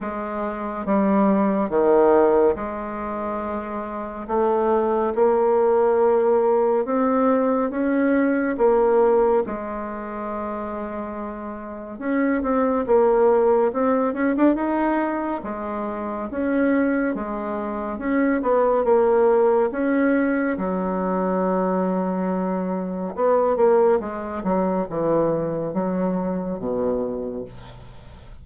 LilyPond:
\new Staff \with { instrumentName = "bassoon" } { \time 4/4 \tempo 4 = 70 gis4 g4 dis4 gis4~ | gis4 a4 ais2 | c'4 cis'4 ais4 gis4~ | gis2 cis'8 c'8 ais4 |
c'8 cis'16 d'16 dis'4 gis4 cis'4 | gis4 cis'8 b8 ais4 cis'4 | fis2. b8 ais8 | gis8 fis8 e4 fis4 b,4 | }